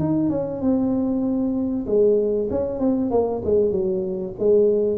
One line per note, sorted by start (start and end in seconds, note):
0.00 0.30 D#4
0.30 0.61 C#4
0.61 1.86 C4
1.87 2.49 G#3
2.51 2.80 C#4
2.80 3.11 C4
3.11 3.42 A#3
3.45 3.71 G#3
3.71 4.34 F#3
4.39 4.99 G#3